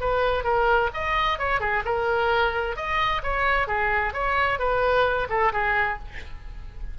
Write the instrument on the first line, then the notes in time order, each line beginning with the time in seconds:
oboe
0.00 B4
0.44 A#4
0.93 D#5
1.38 C#5
1.60 G#4
1.84 A#4
2.76 D#5
3.23 C#5
3.67 G#4
4.13 C#5
4.59 B4
5.29 A4
5.52 G#4